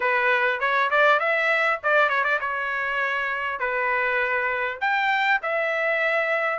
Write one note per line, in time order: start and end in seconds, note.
0.00 0.60 B4
0.60 0.90 C#5
0.90 1.19 D5
1.19 1.79 E5
1.83 2.09 D5
2.09 2.24 C#5
2.24 2.39 D5
2.40 3.59 C#5
3.59 4.79 B4
4.81 5.41 G5
5.42 6.59 E5